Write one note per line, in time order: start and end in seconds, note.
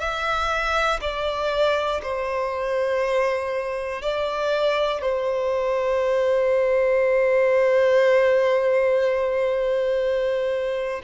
0.00 1.00 E5
1.01 2.01 D5
2.03 4.02 C5
4.02 5.02 D5
5.02 11.02 C5